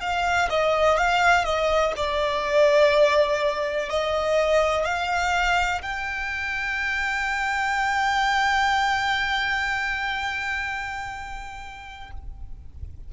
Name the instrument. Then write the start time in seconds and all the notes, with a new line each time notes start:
violin
0.00 F5
0.49 D#5
0.97 F5
1.44 D#5
1.96 D5
3.89 D#5
4.85 F5
5.82 G5